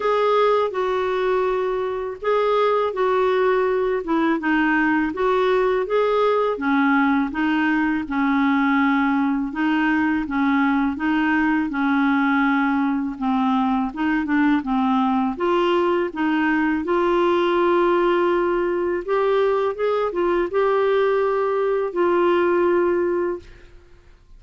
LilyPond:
\new Staff \with { instrumentName = "clarinet" } { \time 4/4 \tempo 4 = 82 gis'4 fis'2 gis'4 | fis'4. e'8 dis'4 fis'4 | gis'4 cis'4 dis'4 cis'4~ | cis'4 dis'4 cis'4 dis'4 |
cis'2 c'4 dis'8 d'8 | c'4 f'4 dis'4 f'4~ | f'2 g'4 gis'8 f'8 | g'2 f'2 | }